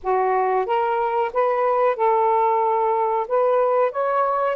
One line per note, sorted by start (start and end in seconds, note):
0.03 0.66 F#4
0.66 1.31 A#4
1.33 1.96 B4
1.96 3.26 A4
3.28 3.91 B4
3.91 4.56 C#5